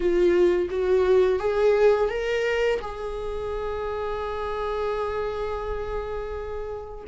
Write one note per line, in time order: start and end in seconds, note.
0.00 0.69 F4
0.70 1.39 F#4
1.39 2.09 G#4
2.09 2.79 A#4
2.81 7.04 G#4